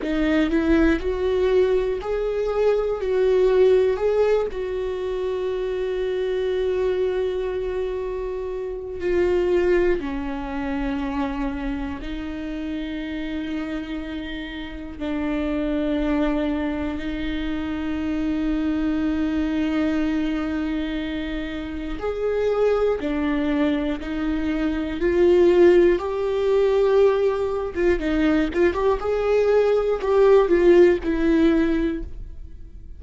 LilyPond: \new Staff \with { instrumentName = "viola" } { \time 4/4 \tempo 4 = 60 dis'8 e'8 fis'4 gis'4 fis'4 | gis'8 fis'2.~ fis'8~ | fis'4 f'4 cis'2 | dis'2. d'4~ |
d'4 dis'2.~ | dis'2 gis'4 d'4 | dis'4 f'4 g'4.~ g'16 f'16 | dis'8 f'16 g'16 gis'4 g'8 f'8 e'4 | }